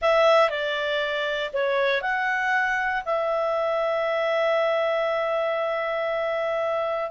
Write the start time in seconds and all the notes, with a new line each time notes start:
0.01 E5
0.49 D5
1.53 C#5
2.01 F#5
3.05 E5